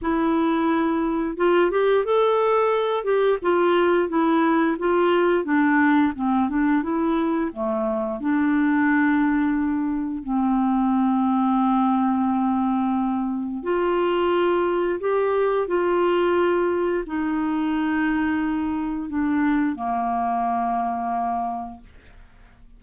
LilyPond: \new Staff \with { instrumentName = "clarinet" } { \time 4/4 \tempo 4 = 88 e'2 f'8 g'8 a'4~ | a'8 g'8 f'4 e'4 f'4 | d'4 c'8 d'8 e'4 a4 | d'2. c'4~ |
c'1 | f'2 g'4 f'4~ | f'4 dis'2. | d'4 ais2. | }